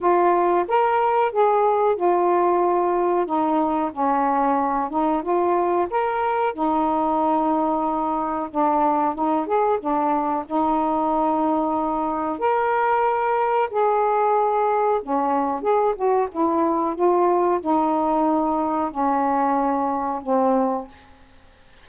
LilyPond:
\new Staff \with { instrumentName = "saxophone" } { \time 4/4 \tempo 4 = 92 f'4 ais'4 gis'4 f'4~ | f'4 dis'4 cis'4. dis'8 | f'4 ais'4 dis'2~ | dis'4 d'4 dis'8 gis'8 d'4 |
dis'2. ais'4~ | ais'4 gis'2 cis'4 | gis'8 fis'8 e'4 f'4 dis'4~ | dis'4 cis'2 c'4 | }